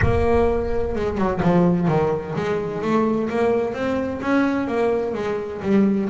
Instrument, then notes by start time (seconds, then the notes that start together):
double bass
0.01 A#3
0.95 G#3
1.17 F#3
1.42 F3
1.87 D#3
2.35 G#3
2.81 A3
3.29 A#3
3.73 C4
4.21 C#4
4.67 A#3
5.14 G#3
5.62 G3